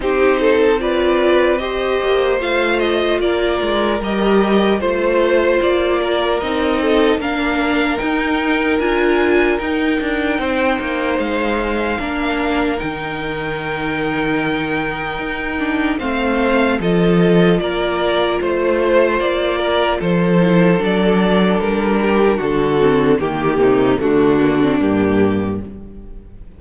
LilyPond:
<<
  \new Staff \with { instrumentName = "violin" } { \time 4/4 \tempo 4 = 75 c''4 d''4 dis''4 f''8 dis''8 | d''4 dis''4 c''4 d''4 | dis''4 f''4 g''4 gis''4 | g''2 f''2 |
g''1 | f''4 dis''4 d''4 c''4 | d''4 c''4 d''4 ais'4 | a'4 g'4 fis'4 g'4 | }
  \new Staff \with { instrumentName = "violin" } { \time 4/4 g'8 a'8 b'4 c''2 | ais'2 c''4. ais'8~ | ais'8 a'8 ais'2.~ | ais'4 c''2 ais'4~ |
ais'1 | c''4 a'4 ais'4 c''4~ | c''8 ais'8 a'2~ a'8 g'8 | fis'4 g'8 dis'8 d'2 | }
  \new Staff \with { instrumentName = "viola" } { \time 4/4 dis'4 f'4 g'4 f'4~ | f'4 g'4 f'2 | dis'4 d'4 dis'4 f'4 | dis'2. d'4 |
dis'2.~ dis'8 d'8 | c'4 f'2.~ | f'4. e'8 d'2~ | d'8 c'8 ais4 a8 ais16 c'16 ais4 | }
  \new Staff \with { instrumentName = "cello" } { \time 4/4 c'2~ c'8 ais8 a4 | ais8 gis8 g4 a4 ais4 | c'4 ais4 dis'4 d'4 | dis'8 d'8 c'8 ais8 gis4 ais4 |
dis2. dis'4 | a4 f4 ais4 a4 | ais4 f4 fis4 g4 | d4 dis8 c8 d4 g,4 | }
>>